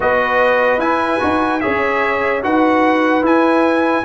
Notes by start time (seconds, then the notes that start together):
0.00 B3 F#4 B4 D#5
0.78 E4 G#5
1.20 D#4 F#4
1.60 G#4 C#5 E5
1.66 C#4
2.42 D#4 F#4 B4 F#5
3.22 E4 G#5